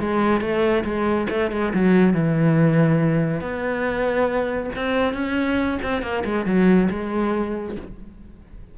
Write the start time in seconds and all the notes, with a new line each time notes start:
0.00 G#3
0.41 A3
0.84 G#3
1.29 A3
1.51 G#3
1.74 F#3
2.13 E3
3.41 B3
4.75 C4
5.13 C#4
5.83 C4
6.02 A#3
6.25 G#3
6.45 F#3
6.90 G#3